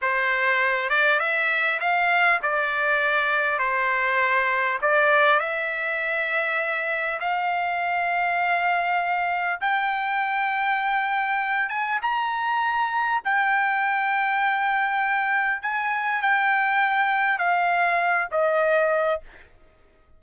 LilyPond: \new Staff \with { instrumentName = "trumpet" } { \time 4/4 \tempo 4 = 100 c''4. d''8 e''4 f''4 | d''2 c''2 | d''4 e''2. | f''1 |
g''2.~ g''8 gis''8 | ais''2 g''2~ | g''2 gis''4 g''4~ | g''4 f''4. dis''4. | }